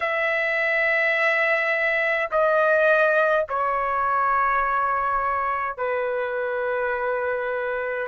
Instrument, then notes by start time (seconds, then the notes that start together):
trumpet
0.00 E5
2.31 D#5
3.49 C#5
5.77 B4